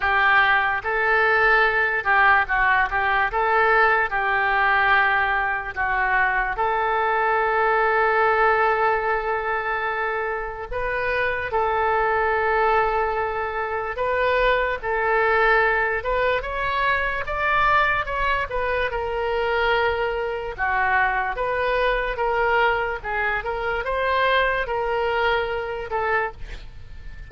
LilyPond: \new Staff \with { instrumentName = "oboe" } { \time 4/4 \tempo 4 = 73 g'4 a'4. g'8 fis'8 g'8 | a'4 g'2 fis'4 | a'1~ | a'4 b'4 a'2~ |
a'4 b'4 a'4. b'8 | cis''4 d''4 cis''8 b'8 ais'4~ | ais'4 fis'4 b'4 ais'4 | gis'8 ais'8 c''4 ais'4. a'8 | }